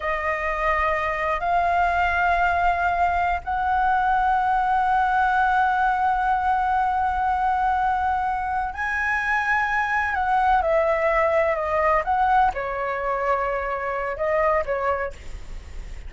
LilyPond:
\new Staff \with { instrumentName = "flute" } { \time 4/4 \tempo 4 = 127 dis''2. f''4~ | f''2.~ f''16 fis''8.~ | fis''1~ | fis''1~ |
fis''2~ fis''8 gis''4.~ | gis''4. fis''4 e''4.~ | e''8 dis''4 fis''4 cis''4.~ | cis''2 dis''4 cis''4 | }